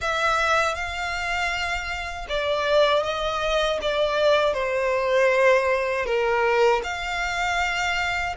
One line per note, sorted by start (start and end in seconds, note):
0.01 0.74 E5
0.74 2.26 F5
2.28 3.03 D5
3.03 3.79 D#5
3.81 4.53 D5
4.53 6.05 C5
6.05 6.81 A#4
6.83 8.35 F5